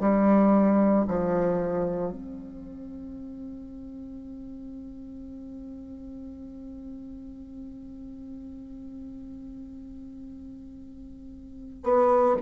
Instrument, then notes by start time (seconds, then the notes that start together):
bassoon
0.00 G3
1.08 F3
2.12 C4
11.83 B3